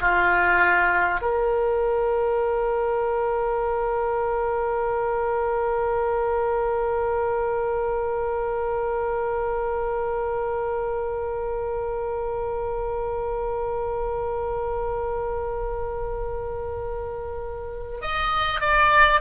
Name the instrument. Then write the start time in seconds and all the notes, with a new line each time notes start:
oboe
0.00 F4
1.21 A#4
18.01 D#5
18.61 D5